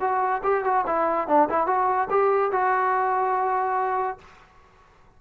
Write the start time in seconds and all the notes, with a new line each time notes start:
0.00 F#4
0.44 G4
0.64 F#4
0.87 E4
1.28 D4
1.49 E4
1.67 F#4
2.10 G4
2.52 F#4